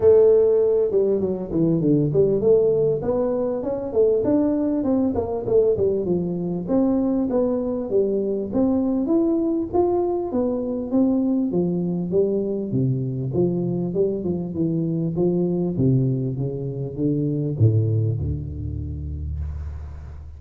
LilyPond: \new Staff \with { instrumentName = "tuba" } { \time 4/4 \tempo 4 = 99 a4. g8 fis8 e8 d8 g8 | a4 b4 cis'8 a8 d'4 | c'8 ais8 a8 g8 f4 c'4 | b4 g4 c'4 e'4 |
f'4 b4 c'4 f4 | g4 c4 f4 g8 f8 | e4 f4 c4 cis4 | d4 a,4 d,2 | }